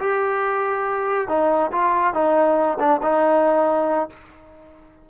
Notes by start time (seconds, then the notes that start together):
0.00 G4
1.29 D#4
1.72 F4
2.14 D#4
2.80 D4
3.03 D#4